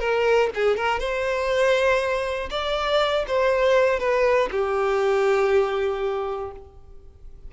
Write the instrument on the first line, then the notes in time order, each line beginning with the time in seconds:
violin
0.00 A#4
0.55 G#4
0.77 A#4
0.99 C5
2.50 D5
3.27 C5
4.00 B4
4.52 G4